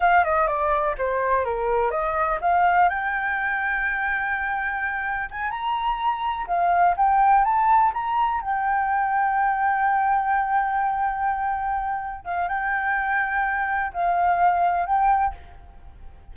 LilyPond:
\new Staff \with { instrumentName = "flute" } { \time 4/4 \tempo 4 = 125 f''8 dis''8 d''4 c''4 ais'4 | dis''4 f''4 g''2~ | g''2. gis''8 ais''8~ | ais''4. f''4 g''4 a''8~ |
a''8 ais''4 g''2~ g''8~ | g''1~ | g''4. f''8 g''2~ | g''4 f''2 g''4 | }